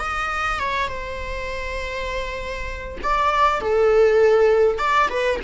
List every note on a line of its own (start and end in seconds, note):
0.00 0.59 D#5
0.59 0.89 C#5
0.89 2.99 C5
3.04 3.61 D5
3.61 4.79 A4
4.79 5.09 D5
5.10 5.40 B4